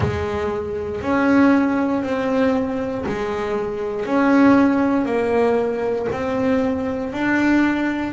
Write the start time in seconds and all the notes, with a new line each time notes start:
0.00 G#3
1.01 C#4
2.02 C4
3.06 G#3
4.05 C#4
5.05 A#3
6.12 C4
7.12 D4